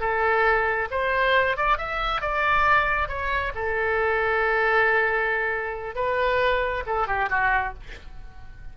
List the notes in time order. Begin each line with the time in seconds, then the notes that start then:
0.00 A4
0.91 C5
1.56 D5
1.78 E5
2.21 D5
3.08 C#5
3.55 A4
5.95 B4
6.86 A4
7.07 G4
7.29 F#4